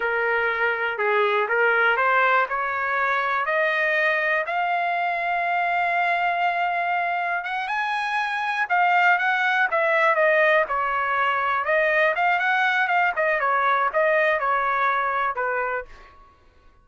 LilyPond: \new Staff \with { instrumentName = "trumpet" } { \time 4/4 \tempo 4 = 121 ais'2 gis'4 ais'4 | c''4 cis''2 dis''4~ | dis''4 f''2.~ | f''2. fis''8 gis''8~ |
gis''4. f''4 fis''4 e''8~ | e''8 dis''4 cis''2 dis''8~ | dis''8 f''8 fis''4 f''8 dis''8 cis''4 | dis''4 cis''2 b'4 | }